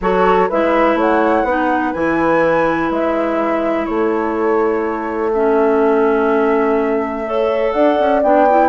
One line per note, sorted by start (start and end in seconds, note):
0.00 0.49 F#3
0.00 0.50 F#4
0.00 0.49 A4
0.00 0.50 C#5
0.49 0.94 G#3
0.49 1.47 E4
0.49 0.97 B4
0.49 0.98 E5
0.94 1.43 A3
0.94 1.45 C#5
0.94 1.93 F#5
1.43 1.92 B3
1.43 1.94 D#4
1.43 3.86 B4
1.93 2.90 E3
1.93 5.33 E4
1.93 2.89 G#5
2.90 3.87 G#3
2.90 3.85 E5
3.85 7.74 A3
3.85 7.26 A4
3.85 5.30 C#5
5.33 7.25 C#4
5.33 7.72 E5
7.25 8.22 A4
7.25 7.74 C#5
7.72 7.98 D4
7.72 8.68 D5
7.72 8.20 F#5
7.99 8.23 C#4
8.22 8.68 B3
8.22 8.47 D4
8.22 8.68 G5
8.49 8.68 E4